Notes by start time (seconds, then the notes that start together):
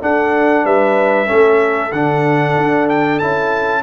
0.00 D4 A4 F#5
0.64 G3 B4 E5
1.26 A3 C#4 A4
1.92 D3 D4 F#5
2.57 D4
2.88 G5
3.19 C#4 E4 A5